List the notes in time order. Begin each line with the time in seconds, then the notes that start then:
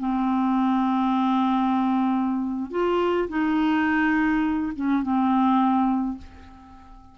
0.00 C4
2.71 F4
3.29 D#4
4.76 C#4
5.03 C4